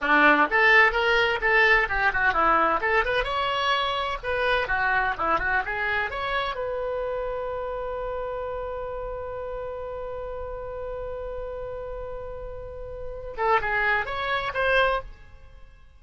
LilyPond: \new Staff \with { instrumentName = "oboe" } { \time 4/4 \tempo 4 = 128 d'4 a'4 ais'4 a'4 | g'8 fis'8 e'4 a'8 b'8 cis''4~ | cis''4 b'4 fis'4 e'8 fis'8 | gis'4 cis''4 b'2~ |
b'1~ | b'1~ | b'1~ | b'8 a'8 gis'4 cis''4 c''4 | }